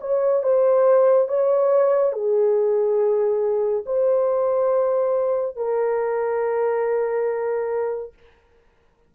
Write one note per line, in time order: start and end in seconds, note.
0.00 0.43 C#5
0.43 1.28 C5
1.28 2.12 C#5
2.12 3.84 G#4
3.85 5.56 C5
5.56 8.13 A#4